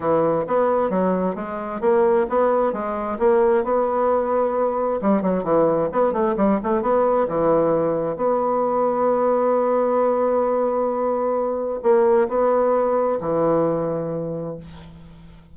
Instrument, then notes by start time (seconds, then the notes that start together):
bassoon
0.00 E3
0.47 B3
0.90 F#3
1.35 G#3
1.81 A#3
2.29 B3
2.72 G#3
3.18 A#3
3.63 B3
5.01 G3
5.21 F#3
5.43 E3
5.92 B3
6.12 A3
6.36 G3
6.63 A3
6.82 B3
7.27 E3
8.16 B3
11.82 A#3
12.28 B3
13.20 E3